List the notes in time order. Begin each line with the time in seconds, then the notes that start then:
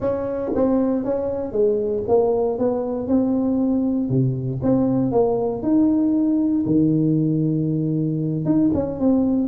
0.00 C#4
0.55 C4
1.04 C#4
1.52 G#3
2.08 A#3
2.58 B3
3.07 C4
4.09 C3
4.62 C4
5.11 A#3
5.62 D#4
6.65 D#3
8.45 D#4
8.73 C#4
8.99 C4